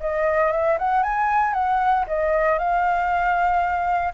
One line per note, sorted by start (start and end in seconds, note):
0.00 0.52 D#5
0.52 0.78 E5
0.79 1.03 F#5
1.03 1.54 G#5
1.54 2.05 F#5
2.07 2.58 D#5
2.58 4.14 F5